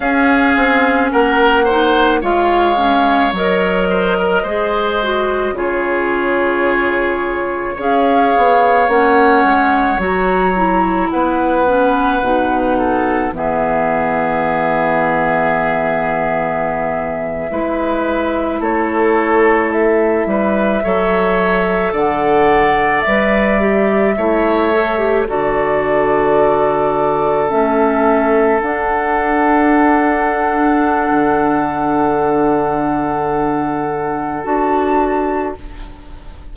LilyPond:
<<
  \new Staff \with { instrumentName = "flute" } { \time 4/4 \tempo 4 = 54 f''4 fis''4 f''4 dis''4~ | dis''4 cis''2 f''4 | fis''4 ais''4 fis''2 | e''1~ |
e''8. cis''4 e''2 fis''16~ | fis''8. e''2 d''4~ d''16~ | d''8. e''4 fis''2~ fis''16~ | fis''2. a''4 | }
  \new Staff \with { instrumentName = "oboe" } { \time 4/4 gis'4 ais'8 c''8 cis''4. c''16 ais'16 | c''4 gis'2 cis''4~ | cis''2 b'4. a'8 | gis'2.~ gis'8. b'16~ |
b'8. a'4. b'8 cis''4 d''16~ | d''4.~ d''16 cis''4 a'4~ a'16~ | a'1~ | a'1 | }
  \new Staff \with { instrumentName = "clarinet" } { \time 4/4 cis'4. dis'8 f'8 cis'8 ais'4 | gis'8 fis'8 f'2 gis'4 | cis'4 fis'8 e'4 cis'8 dis'4 | b2.~ b8. e'16~ |
e'2~ e'8. a'4~ a'16~ | a'8. b'8 g'8 e'8 a'16 g'16 fis'4~ fis'16~ | fis'8. cis'4 d'2~ d'16~ | d'2. fis'4 | }
  \new Staff \with { instrumentName = "bassoon" } { \time 4/4 cis'8 c'8 ais4 gis4 fis4 | gis4 cis2 cis'8 b8 | ais8 gis8 fis4 b4 b,4 | e2.~ e8. gis16~ |
gis8. a4. g8 fis4 d16~ | d8. g4 a4 d4~ d16~ | d8. a4 d'2~ d'16 | d2. d'4 | }
>>